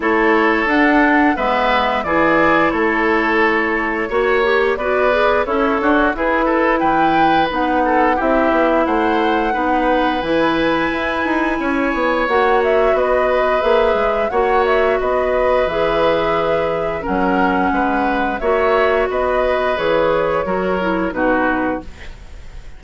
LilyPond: <<
  \new Staff \with { instrumentName = "flute" } { \time 4/4 \tempo 4 = 88 cis''4 fis''4 e''4 d''4 | cis''2. d''4 | cis''4 b'4 g''4 fis''4 | e''4 fis''2 gis''4~ |
gis''2 fis''8 e''8 dis''4 | e''4 fis''8 e''8 dis''4 e''4~ | e''4 fis''2 e''4 | dis''4 cis''2 b'4 | }
  \new Staff \with { instrumentName = "oboe" } { \time 4/4 a'2 b'4 gis'4 | a'2 cis''4 b'4 | e'8 fis'8 gis'8 a'8 b'4. a'8 | g'4 c''4 b'2~ |
b'4 cis''2 b'4~ | b'4 cis''4 b'2~ | b'4 ais'4 b'4 cis''4 | b'2 ais'4 fis'4 | }
  \new Staff \with { instrumentName = "clarinet" } { \time 4/4 e'4 d'4 b4 e'4~ | e'2 fis'8 g'8 fis'8 gis'8 | a'4 e'2 dis'4 | e'2 dis'4 e'4~ |
e'2 fis'2 | gis'4 fis'2 gis'4~ | gis'4 cis'2 fis'4~ | fis'4 gis'4 fis'8 e'8 dis'4 | }
  \new Staff \with { instrumentName = "bassoon" } { \time 4/4 a4 d'4 gis4 e4 | a2 ais4 b4 | cis'8 d'8 e'4 e4 b4 | c'8 b8 a4 b4 e4 |
e'8 dis'8 cis'8 b8 ais4 b4 | ais8 gis8 ais4 b4 e4~ | e4 fis4 gis4 ais4 | b4 e4 fis4 b,4 | }
>>